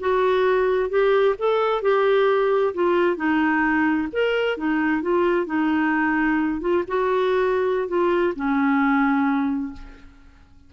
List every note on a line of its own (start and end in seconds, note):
0.00 0.89 F#4
0.89 1.35 G4
1.38 1.82 A4
1.82 2.73 G4
2.74 3.16 F4
3.16 4.08 D#4
4.12 4.57 A#4
4.57 5.02 D#4
5.02 5.46 F4
5.46 6.60 D#4
6.61 6.83 F4
6.87 7.88 F#4
7.88 8.34 F4
8.35 9.73 C#4